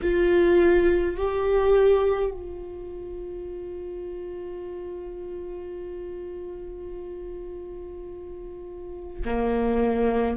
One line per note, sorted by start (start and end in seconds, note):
0.02 1.16 F4
1.16 2.31 G4
2.31 9.23 F4
9.25 10.36 A#3